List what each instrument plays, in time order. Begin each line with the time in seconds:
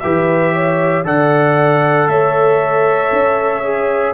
0.00 tuba E3, trombone G4, horn B4, trumpet E5
0.53 horn C#5
1.04 tuba D3, trombone A4, horn D5, trumpet F#5
2.08 tuba A3, horn C#5, trumpet E5
3.12 tuba C#4
3.64 trombone G#4